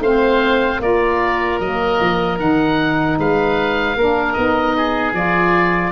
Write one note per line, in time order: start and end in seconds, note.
0.00 0.79 A3
0.00 0.82 C4
0.00 0.81 C5
0.00 0.82 F5
0.80 1.59 A#3
0.80 1.61 F4
0.80 3.20 A#4
0.80 1.60 D5
1.60 2.00 F#3
1.60 2.38 A#3
1.60 2.39 D#5
2.01 2.40 F3
2.38 3.19 D#3
2.38 3.96 D#4
2.38 3.19 F#5
3.19 3.96 G#3
3.19 3.98 B4
3.19 4.34 F5
3.96 4.36 A#3
3.96 4.38 D4
3.96 4.77 A#4
4.34 5.13 B3
4.34 5.14 D#4
4.34 5.12 D#5
4.77 5.92 G#4
5.13 5.92 F3
5.13 5.92 F4
5.13 5.92 D5